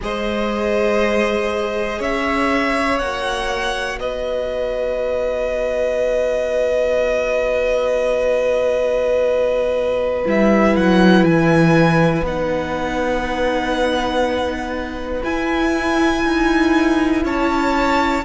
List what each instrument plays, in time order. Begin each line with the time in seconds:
0.00 cello G#3, viola G#4, violin C5 D#5
1.99 cello C#4, violin C#5 E5
2.99 cello A#3, viola F#4, violin F#5
3.98 cello B3, violin B4 D#5
10.25 cello G3, viola E4, violin E5
10.76 cello F#3, violin F#5
11.24 cello E3, violin G#5
12.21 cello B3, viola D#4, violin F#5
15.23 viola E4, cello E4, violin G#5
16.25 cello D#4
17.24 cello C#4, violin C#5 A5